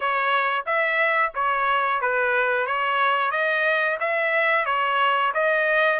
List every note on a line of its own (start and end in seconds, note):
0.00 0.65 C#5
0.65 1.32 E5
1.34 2.01 C#5
2.01 2.66 B4
2.66 3.31 C#5
3.31 3.98 D#5
4.00 4.65 E5
4.65 5.32 C#5
5.34 5.99 D#5